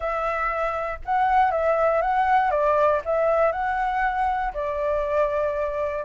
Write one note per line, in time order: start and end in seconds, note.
0.00 0.99 E5
1.05 1.51 F#5
1.51 2.01 E5
2.01 2.50 F#5
2.50 3.01 D5
3.05 3.52 E5
3.52 4.52 F#5
4.53 6.04 D5